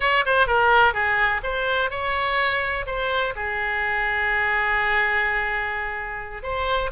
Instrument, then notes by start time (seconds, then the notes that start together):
oboe
0.00 C#5
0.25 C5
0.46 A#4
0.93 G#4
1.43 C5
1.90 C#5
2.86 C5
3.35 G#4
6.43 C5